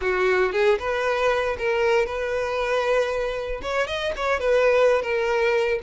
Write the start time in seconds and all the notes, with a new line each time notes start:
0.01 F#4
0.52 G#4
0.79 B4
1.58 A#4
2.05 B4
3.61 C#5
3.87 D#5
4.16 C#5
4.39 B4
5.02 A#4